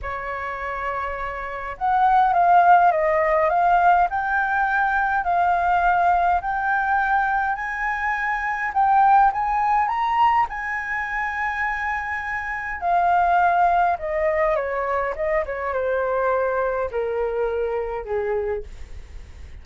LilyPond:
\new Staff \with { instrumentName = "flute" } { \time 4/4 \tempo 4 = 103 cis''2. fis''4 | f''4 dis''4 f''4 g''4~ | g''4 f''2 g''4~ | g''4 gis''2 g''4 |
gis''4 ais''4 gis''2~ | gis''2 f''2 | dis''4 cis''4 dis''8 cis''8 c''4~ | c''4 ais'2 gis'4 | }